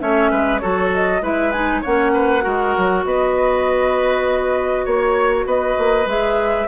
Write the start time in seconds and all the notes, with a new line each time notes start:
0.00 A3 C#4 C#5 E5
0.31 G#3 B4
0.59 F#3 F#4 A4 C#5
0.94 D#5
1.21 G#3 E4 B4 E5
1.52 D#4 G#5
1.82 A#3 C#4 C#5 F#5
2.14 B4
2.41 G#3 F#4 A#4
2.77 F#3
3.05 B3 B4 D#5
4.85 A#3 C#5
5.45 B3 B4 D#5
5.78 A#3
6.06 G#3 G#4 E5